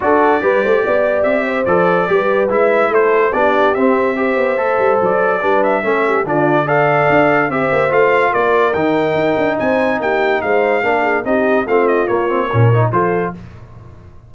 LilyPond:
<<
  \new Staff \with { instrumentName = "trumpet" } { \time 4/4 \tempo 4 = 144 d''2. e''4 | d''2 e''4 c''4 | d''4 e''2. | d''4. e''4. d''4 |
f''2 e''4 f''4 | d''4 g''2 gis''4 | g''4 f''2 dis''4 | f''8 dis''8 cis''2 c''4 | }
  \new Staff \with { instrumentName = "horn" } { \time 4/4 a'4 b'8 c''8 d''4. c''8~ | c''4 b'2 a'4 | g'2 c''2~ | c''4 b'4 a'8 g'8 f'4 |
d''2 c''2 | ais'2. c''4 | g'4 c''4 ais'8 gis'8 g'4 | f'2 ais'4 a'4 | }
  \new Staff \with { instrumentName = "trombone" } { \time 4/4 fis'4 g'2. | a'4 g'4 e'2 | d'4 c'4 g'4 a'4~ | a'4 d'4 cis'4 d'4 |
a'2 g'4 f'4~ | f'4 dis'2.~ | dis'2 d'4 dis'4 | c'4 ais8 c'8 cis'8 dis'8 f'4 | }
  \new Staff \with { instrumentName = "tuba" } { \time 4/4 d'4 g8 a8 b4 c'4 | f4 g4 gis4 a4 | b4 c'4. b8 a8 g8 | fis4 g4 a4 d4~ |
d4 d'4 c'8 ais8 a4 | ais4 dis4 dis'8 d'8 c'4 | ais4 gis4 ais4 c'4 | a4 ais4 ais,4 f4 | }
>>